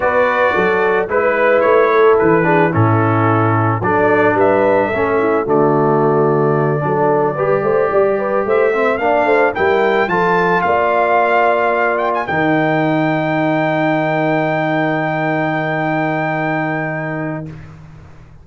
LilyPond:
<<
  \new Staff \with { instrumentName = "trumpet" } { \time 4/4 \tempo 4 = 110 d''2 b'4 cis''4 | b'4 a'2 d''4 | e''2 d''2~ | d''2.~ d''8 e''8~ |
e''8 f''4 g''4 a''4 f''8~ | f''2 g''16 gis''16 g''4.~ | g''1~ | g''1 | }
  \new Staff \with { instrumentName = "horn" } { \time 4/4 b'4 a'4 b'4. a'8~ | a'8 gis'8 e'2 a'4 | b'4 a'8 e'8 fis'2~ | fis'8 a'4 b'8 c''8 d''8 b'8 c''8 |
e''8 d''8 c''8 ais'4 a'4 d''8~ | d''2~ d''8 ais'4.~ | ais'1~ | ais'1 | }
  \new Staff \with { instrumentName = "trombone" } { \time 4/4 fis'2 e'2~ | e'8 d'8 cis'2 d'4~ | d'4 cis'4 a2~ | a8 d'4 g'2~ g'8 |
c'8 d'4 e'4 f'4.~ | f'2~ f'8 dis'4.~ | dis'1~ | dis'1 | }
  \new Staff \with { instrumentName = "tuba" } { \time 4/4 b4 fis4 gis4 a4 | e4 a,2 fis4 | g4 a4 d2~ | d8 fis4 g8 a8 g4 a8~ |
a8 ais8 a8 g4 f4 ais8~ | ais2~ ais8 dis4.~ | dis1~ | dis1 | }
>>